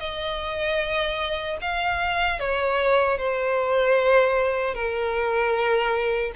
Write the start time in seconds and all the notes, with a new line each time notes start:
0.00 D#5
1.62 F5
2.40 C#5
3.19 C5
4.74 A#4